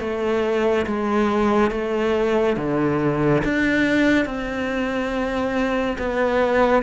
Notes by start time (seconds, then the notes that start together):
0.00 A3
0.86 G#3
1.71 A3
2.57 D3
3.44 D4
4.25 C4
5.98 B3